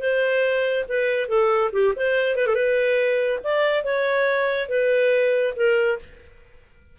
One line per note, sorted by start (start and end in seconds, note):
0.00 0.85 C5
0.89 1.28 B4
1.28 1.71 A4
1.73 1.94 G4
1.96 2.36 C5
2.36 2.47 B4
2.47 2.55 A4
2.55 3.40 B4
3.44 3.84 D5
3.84 4.69 C#5
4.69 5.54 B4
5.56 5.99 A#4